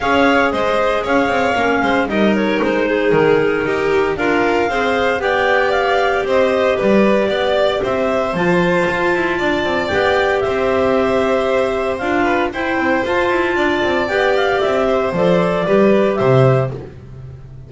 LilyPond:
<<
  \new Staff \with { instrumentName = "clarinet" } { \time 4/4 \tempo 4 = 115 f''4 dis''4 f''2 | dis''8 cis''8 c''4 ais'2 | f''2 g''4 f''4 | dis''4 d''2 e''4 |
a''2. g''4 | e''2. f''4 | g''4 a''2 g''8 f''8 | e''4 d''2 e''4 | }
  \new Staff \with { instrumentName = "violin" } { \time 4/4 cis''4 c''4 cis''4. c''8 | ais'4. gis'4. g'4 | ais'4 c''4 d''2 | c''4 b'4 d''4 c''4~ |
c''2 d''2 | c''2.~ c''8 b'8 | c''2 d''2~ | d''8 c''4. b'4 c''4 | }
  \new Staff \with { instrumentName = "clarinet" } { \time 4/4 gis'2. cis'4 | dis'1 | f'4 gis'4 g'2~ | g'1 |
f'2. g'4~ | g'2. f'4 | e'4 f'2 g'4~ | g'4 a'4 g'2 | }
  \new Staff \with { instrumentName = "double bass" } { \time 4/4 cis'4 gis4 cis'8 c'8 ais8 gis8 | g4 gis4 dis4 dis'4 | d'4 c'4 b2 | c'4 g4 b4 c'4 |
f4 f'8 e'8 d'8 c'8 b4 | c'2. d'4 | e'8 c'8 f'8 e'8 d'8 c'8 b4 | c'4 f4 g4 c4 | }
>>